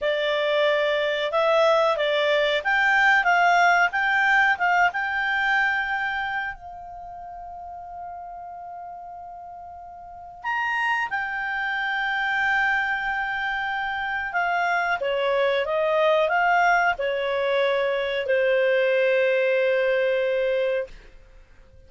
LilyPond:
\new Staff \with { instrumentName = "clarinet" } { \time 4/4 \tempo 4 = 92 d''2 e''4 d''4 | g''4 f''4 g''4 f''8 g''8~ | g''2 f''2~ | f''1 |
ais''4 g''2.~ | g''2 f''4 cis''4 | dis''4 f''4 cis''2 | c''1 | }